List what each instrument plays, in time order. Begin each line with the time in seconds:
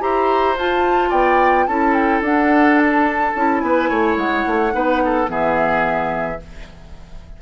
0.00 bassoon E4, clarinet G4, oboe C5, flute A#5
0.57 bassoon F4, clarinet F4, flute A5
1.09 bassoon B3, oboe D5, flute G5
1.67 bassoon C#4, clarinet E4, oboe A4, flute A5
1.94 flute G5
2.21 bassoon D4, clarinet D4, flute F#5
2.78 flute A5
3.35 bassoon C#4, clarinet E4
3.60 bassoon B3, oboe B4, flute G#5
3.89 bassoon A3, oboe C#5
4.16 bassoon G#3, flute F#5
4.47 bassoon A3
4.72 bassoon B3, clarinet D#4, oboe B4
5.05 oboe A4
5.26 bassoon E3, clarinet B3, oboe G#4, flute E5